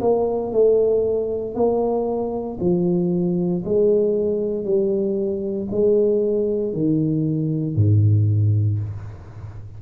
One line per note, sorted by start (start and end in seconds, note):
0.00 0.52 A#3
0.52 1.54 A3
1.54 2.58 A#3
2.60 3.63 F3
3.64 4.64 G#3
4.64 5.68 G3
5.70 6.72 G#3
6.72 7.75 D#3
7.75 8.79 G#2